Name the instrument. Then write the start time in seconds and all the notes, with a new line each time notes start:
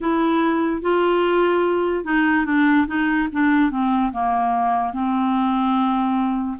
clarinet
0.00 E4
0.81 F4
2.04 D#4
2.45 D4
2.87 D#4
3.32 D4
3.71 C4
4.12 A#3
4.93 C4